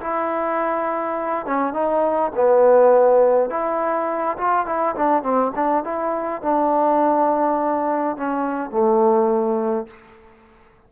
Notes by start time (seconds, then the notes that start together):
0.00 E4
1.46 C#4
1.73 D#4
2.35 B3
3.50 E4
4.37 F4
4.66 E4
4.95 D4
5.23 C4
5.55 D4
5.84 E4
6.42 D4
8.17 C#4
8.71 A3